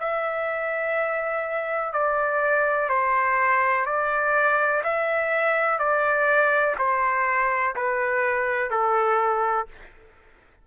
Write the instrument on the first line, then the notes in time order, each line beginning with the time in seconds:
trumpet
0.00 E5
1.93 D5
2.89 C5
3.86 D5
4.83 E5
5.79 D5
6.79 C5
7.76 B4
8.71 A4